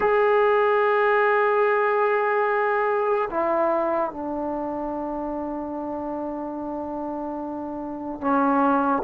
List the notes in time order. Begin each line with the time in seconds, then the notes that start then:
0.00 G#4
3.30 E4
4.10 D4
8.20 C#4